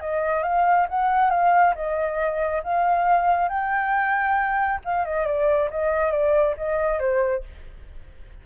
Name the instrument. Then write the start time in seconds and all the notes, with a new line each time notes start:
flute
0.00 D#5
0.43 F5
0.88 F#5
1.30 F5
1.75 D#5
2.63 F5
3.48 G5
4.84 F5
5.05 D#5
5.25 D5
5.70 D#5
6.11 D5
6.57 D#5
6.99 C5